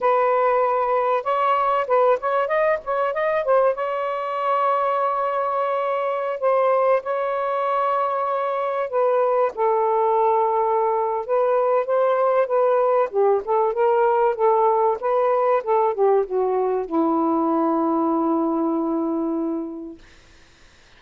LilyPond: \new Staff \with { instrumentName = "saxophone" } { \time 4/4 \tempo 4 = 96 b'2 cis''4 b'8 cis''8 | dis''8 cis''8 dis''8 c''8 cis''2~ | cis''2~ cis''16 c''4 cis''8.~ | cis''2~ cis''16 b'4 a'8.~ |
a'2 b'4 c''4 | b'4 g'8 a'8 ais'4 a'4 | b'4 a'8 g'8 fis'4 e'4~ | e'1 | }